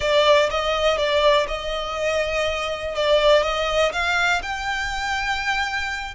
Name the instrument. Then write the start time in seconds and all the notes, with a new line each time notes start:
violin
0.00 D5
0.50 D#5
0.97 D5
1.47 D#5
2.95 D5
3.42 D#5
3.92 F5
4.42 G5